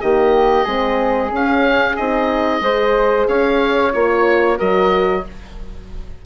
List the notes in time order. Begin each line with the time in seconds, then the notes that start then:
0.00 D#3 A#3 G4 D#5
0.64 G#3 C4 G#4
1.29 C#4 F5
1.96 C4 D#4 D#5
2.60 G#3 G#4 C5
3.27 C#4 C#5 F5
3.92 A#3 F4 C#5
4.57 F#3 F#4 A#4 D#5